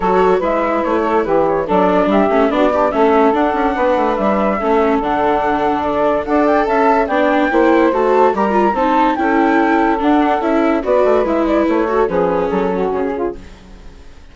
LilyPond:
<<
  \new Staff \with { instrumentName = "flute" } { \time 4/4 \tempo 4 = 144 cis''4 e''4 cis''4 b'8 cis''8 | d''4 e''4 d''4 e''4 | fis''2 e''2 | fis''2 d''4 fis''8 g''8 |
a''4 g''2 a''4 | ais''4 a''4 g''2 | fis''4 e''4 d''4 e''8 d''8 | cis''4 b'4 a'4 gis'4 | }
  \new Staff \with { instrumentName = "saxophone" } { \time 4/4 a'4 b'4. a'8 g'4 | a'4 g'4 fis'8 d'8 a'4~ | a'4 b'2 a'4~ | a'2. d''4 |
e''4 d''4 c''2 | ais'4 c''4 a'2~ | a'2 b'2~ | b'8 a'8 gis'4. fis'4 f'8 | }
  \new Staff \with { instrumentName = "viola" } { \time 4/4 fis'4 e'2. | d'4. cis'8 d'8 g'8 cis'4 | d'2. cis'4 | d'2. a'4~ |
a'4 d'4 e'4 fis'4 | g'8 f'8 dis'4 e'2 | d'4 e'4 fis'4 e'4~ | e'8 fis'8 cis'2. | }
  \new Staff \with { instrumentName = "bassoon" } { \time 4/4 fis4 gis4 a4 e4 | fis4 g8 a8 b4 a4 | d'8 cis'8 b8 a8 g4 a4 | d2. d'4 |
cis'4 b4 ais4 a4 | g4 c'4 cis'2 | d'4 cis'4 b8 a8 gis4 | a4 f4 fis4 cis4 | }
>>